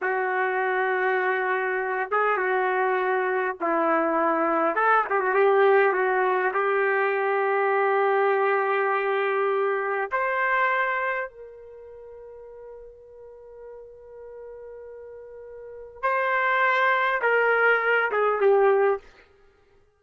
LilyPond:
\new Staff \with { instrumentName = "trumpet" } { \time 4/4 \tempo 4 = 101 fis'2.~ fis'8 gis'8 | fis'2 e'2 | a'8 g'16 fis'16 g'4 fis'4 g'4~ | g'1~ |
g'4 c''2 ais'4~ | ais'1~ | ais'2. c''4~ | c''4 ais'4. gis'8 g'4 | }